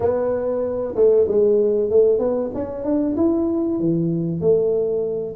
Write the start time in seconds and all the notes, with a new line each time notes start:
0.00 B3
0.95 A3
1.28 G#3
1.89 A3
2.18 B3
2.54 C#4
2.84 D4
3.16 E4
3.79 E3
4.40 A3